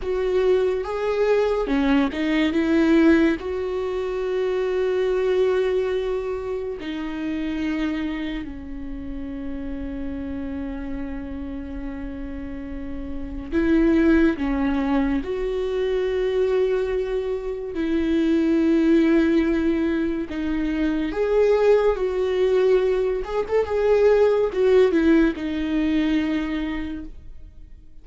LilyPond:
\new Staff \with { instrumentName = "viola" } { \time 4/4 \tempo 4 = 71 fis'4 gis'4 cis'8 dis'8 e'4 | fis'1 | dis'2 cis'2~ | cis'1 |
e'4 cis'4 fis'2~ | fis'4 e'2. | dis'4 gis'4 fis'4. gis'16 a'16 | gis'4 fis'8 e'8 dis'2 | }